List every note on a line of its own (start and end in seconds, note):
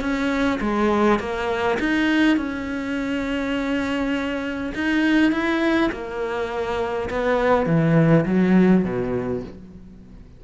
0.00 0.59 C#4
0.60 1.19 G#3
1.19 1.78 A#3
1.79 2.37 D#4
2.37 4.72 C#4
4.74 5.32 D#4
5.32 5.90 E4
5.91 7.09 A#3
7.10 7.66 B3
7.66 8.24 E3
8.25 8.84 F#3
8.84 9.43 B2